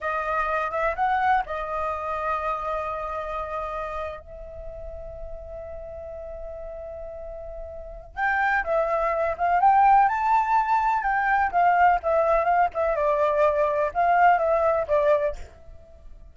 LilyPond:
\new Staff \with { instrumentName = "flute" } { \time 4/4 \tempo 4 = 125 dis''4. e''8 fis''4 dis''4~ | dis''1~ | dis''8. e''2.~ e''16~ | e''1~ |
e''4 g''4 e''4. f''8 | g''4 a''2 g''4 | f''4 e''4 f''8 e''8 d''4~ | d''4 f''4 e''4 d''4 | }